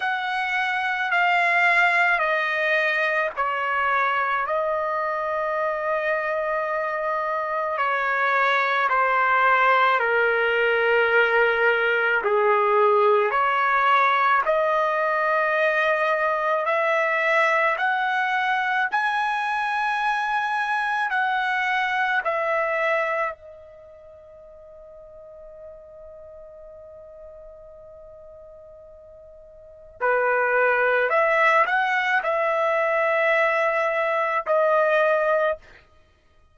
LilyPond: \new Staff \with { instrumentName = "trumpet" } { \time 4/4 \tempo 4 = 54 fis''4 f''4 dis''4 cis''4 | dis''2. cis''4 | c''4 ais'2 gis'4 | cis''4 dis''2 e''4 |
fis''4 gis''2 fis''4 | e''4 dis''2.~ | dis''2. b'4 | e''8 fis''8 e''2 dis''4 | }